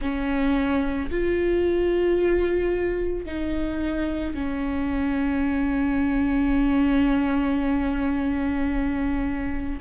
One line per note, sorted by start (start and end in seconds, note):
0.00 1.10 C#4
1.11 3.25 F4
3.25 4.34 D#4
4.34 9.79 C#4